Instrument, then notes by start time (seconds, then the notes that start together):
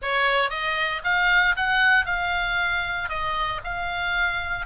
oboe
0.02 C#5
0.49 D#5
1.03 F5
1.56 F#5
2.05 F5
3.09 D#5
3.64 F5